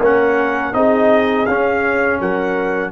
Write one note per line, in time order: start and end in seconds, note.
0.00 0.73 A#3
0.00 0.74 C#4
0.00 0.74 A#4
0.00 0.74 F#5
0.74 1.47 C4
0.74 1.47 D#4
0.74 2.21 G#4
0.74 1.46 D#5
1.46 2.20 C#4
1.46 2.92 C#4
1.46 2.20 F5
2.20 2.92 F#3
2.20 2.92 A#4
2.20 2.92 F#5